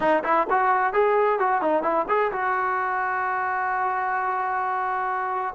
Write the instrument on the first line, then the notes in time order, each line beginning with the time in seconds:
trombone
0.00 D#4
0.24 E4
0.50 F#4
0.93 G#4
1.39 F#4
1.61 D#4
1.82 E4
2.08 G#4
2.32 F#4